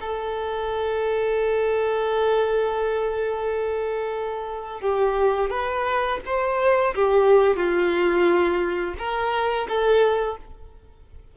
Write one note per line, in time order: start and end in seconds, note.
0.00 4.81 A4
4.81 5.50 G4
5.50 6.19 B4
6.25 6.94 C5
6.95 7.56 G4
7.56 8.94 F4
8.98 9.67 A#4
9.68 10.37 A4